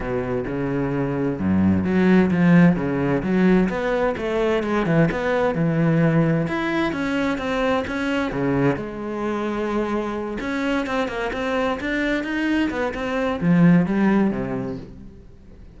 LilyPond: \new Staff \with { instrumentName = "cello" } { \time 4/4 \tempo 4 = 130 b,4 cis2 fis,4 | fis4 f4 cis4 fis4 | b4 a4 gis8 e8 b4 | e2 e'4 cis'4 |
c'4 cis'4 cis4 gis4~ | gis2~ gis8 cis'4 c'8 | ais8 c'4 d'4 dis'4 b8 | c'4 f4 g4 c4 | }